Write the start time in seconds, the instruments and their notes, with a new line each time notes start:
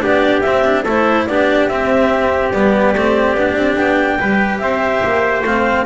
0.00 double bass B3, cello D4, trumpet G4, clarinet D5
0.41 cello C4, clarinet E5
0.47 double bass C4
0.64 cello D4
0.83 double bass A3, cello E4, trumpet A4, clarinet C5
1.26 double bass B3, cello D4, trumpet G4, clarinet D5
1.67 double bass C4, cello C4, clarinet E5
2.51 double bass G3, cello B3, clarinet D5
2.94 double bass A3, cello C4
3.34 double bass B3, cello D4
3.55 double bass C4
3.76 double bass B3, clarinet G5
4.19 double bass G3, cello G4, trumpet B4
4.59 double bass C4, trumpet C5, clarinet E5
5.04 double bass A#3
5.42 double bass A3, cello C4, clarinet F5